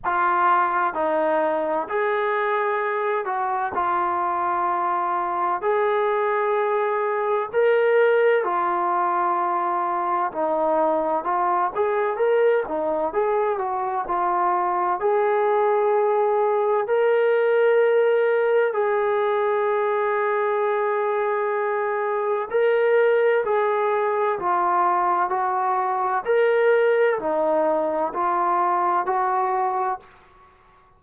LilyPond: \new Staff \with { instrumentName = "trombone" } { \time 4/4 \tempo 4 = 64 f'4 dis'4 gis'4. fis'8 | f'2 gis'2 | ais'4 f'2 dis'4 | f'8 gis'8 ais'8 dis'8 gis'8 fis'8 f'4 |
gis'2 ais'2 | gis'1 | ais'4 gis'4 f'4 fis'4 | ais'4 dis'4 f'4 fis'4 | }